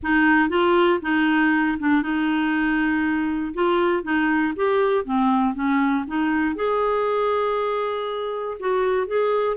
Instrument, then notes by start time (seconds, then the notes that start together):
clarinet
0.03 D#4
0.49 F4
1.02 D#4
1.79 D4
2.02 D#4
3.53 F4
4.03 D#4
4.56 G4
5.04 C4
5.54 C#4
6.07 D#4
6.55 G#4
8.59 F#4
9.07 G#4